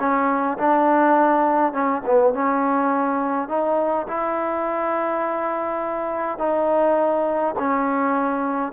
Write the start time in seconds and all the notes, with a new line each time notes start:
0.00 C#4
0.59 D4
1.73 C#4
2.06 B3
2.34 C#4
3.49 D#4
4.08 E4
6.39 D#4
7.59 C#4